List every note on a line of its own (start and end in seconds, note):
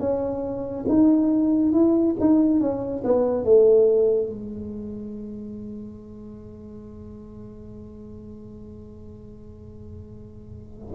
0.00 0.86 C#4
0.89 1.73 D#4
1.73 2.16 E4
2.21 2.61 D#4
2.61 3.04 C#4
3.04 3.45 B3
3.45 4.30 A3
4.30 10.94 G#3